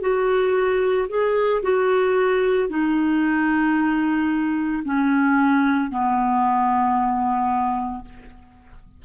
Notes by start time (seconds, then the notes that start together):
0.00 F#4
1.08 G#4
1.62 F#4
2.68 D#4
4.85 C#4
5.90 B3